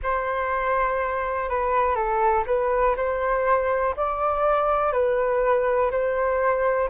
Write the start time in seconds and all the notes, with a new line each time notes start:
0.03 C5
1.49 B4
1.95 A4
2.46 B4
2.96 C5
3.96 D5
4.92 B4
5.91 C5